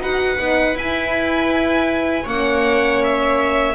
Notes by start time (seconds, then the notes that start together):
0.00 D#4 F#4 B4 F#5
0.38 B3 D#4
0.75 E4 G#5
2.24 A#3 C#4 C#5 F#5
3.04 E5